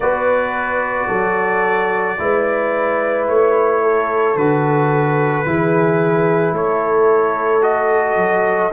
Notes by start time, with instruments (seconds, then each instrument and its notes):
0.00 tuba B3, trombone F#4, horn B4, trumpet D5
1.08 tuba F#3, horn A4
2.18 tuba G#3, trombone E4, horn B4
3.28 tuba A3, trumpet C#5
3.82 horn A4
4.35 tuba D3, trombone F#4, trumpet B4
5.45 tuba E3, trombone E4, horn G#4
6.52 tuba A3, horn A4, trumpet C#5
7.61 trombone F#4, trumpet D#5
8.16 tuba F#3